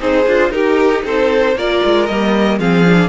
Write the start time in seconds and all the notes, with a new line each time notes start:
0.00 C4 D#4 G#4 C5
0.27 D4 F4
0.50 D#4 G4 A#4
1.05 C4 A4 C5
1.55 A#3 F4 A#4 D5
1.84 G#3
2.06 G3 A#3 D#5
2.59 F3 C4 G#4 F5
2.85 D4